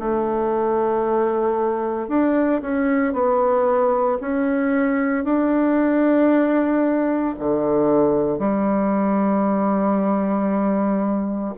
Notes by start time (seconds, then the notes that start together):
0.00 A3
2.09 D4
2.62 C#4
3.14 B3
4.22 C#4
5.25 D4
7.40 D3
8.39 G3